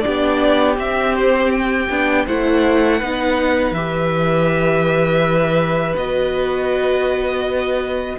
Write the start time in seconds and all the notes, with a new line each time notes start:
0.00 D4 G4 D5
0.07 B3
0.77 C4 E5
1.15 C5
1.52 G5
1.89 B3 D4
2.26 A3 E4 C5 F#5
2.98 B3 D#4 B4
3.71 E3 G4 E5
5.96 B3 F#4 D#5